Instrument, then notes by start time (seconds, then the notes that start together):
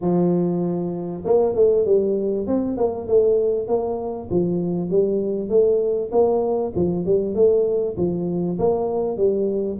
tuba
0.01 F3
1.25 A#3
1.55 A3
1.85 G3
2.46 C4
2.77 A#3
3.07 A3
3.67 A#3
4.30 F3
4.90 G3
5.49 A3
6.11 A#3
6.75 F3
7.05 G3
7.35 A3
7.97 F3
8.59 A#3
9.17 G3